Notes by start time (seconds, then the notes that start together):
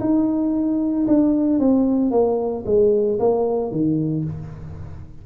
0.00 D#4
1.07 D4
1.59 C4
2.11 A#3
2.66 G#3
3.19 A#3
3.71 D#3